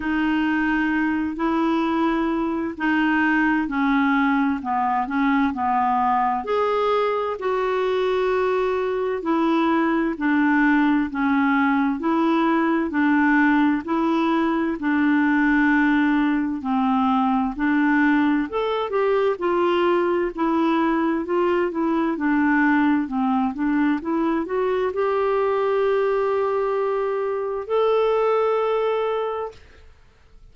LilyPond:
\new Staff \with { instrumentName = "clarinet" } { \time 4/4 \tempo 4 = 65 dis'4. e'4. dis'4 | cis'4 b8 cis'8 b4 gis'4 | fis'2 e'4 d'4 | cis'4 e'4 d'4 e'4 |
d'2 c'4 d'4 | a'8 g'8 f'4 e'4 f'8 e'8 | d'4 c'8 d'8 e'8 fis'8 g'4~ | g'2 a'2 | }